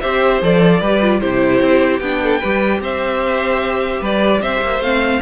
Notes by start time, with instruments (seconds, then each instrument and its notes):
0.00 cello C4, viola G4, violin C5 E5
0.41 cello F3, viola A4, violin D5
0.80 cello G3, viola G4, violin B4
1.01 viola F4
1.20 cello C3, viola E4, violin G4 C5
1.60 cello C4
2.00 cello B3, viola D4, violin G5
2.23 violin A4
2.39 cello G3, viola G4, violin B4
2.80 cello C4, violin C5 E5
4.00 cello G3, violin B4 D5
4.41 cello C4, violin C5 E5
4.61 cello A#3
4.79 cello A3, viola C4, violin F5